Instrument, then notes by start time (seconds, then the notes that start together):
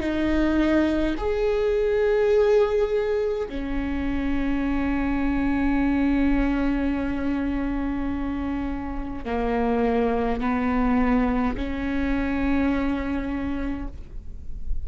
viola
0.00 D#4
1.17 G#4
3.49 C#4
9.25 A#3
10.41 B3
11.56 C#4